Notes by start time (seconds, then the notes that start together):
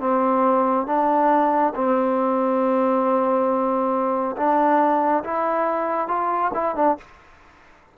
0.00 C4
0.87 D4
1.75 C4
4.37 D4
5.24 E4
6.08 F4
6.54 E4
6.76 D4